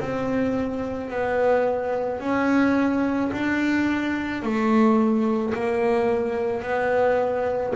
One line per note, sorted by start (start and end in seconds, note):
0.00 1.10 C4
1.10 2.20 B3
2.20 3.31 C#4
3.32 4.42 D4
4.42 5.54 A3
5.54 6.62 A#3
6.62 7.73 B3